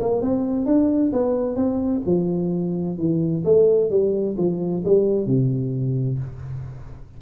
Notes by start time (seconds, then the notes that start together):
0.00 A#3
0.21 C4
0.65 D4
1.12 B3
1.55 C4
2.05 F3
2.97 E3
3.44 A3
3.90 G3
4.37 F3
4.84 G3
5.26 C3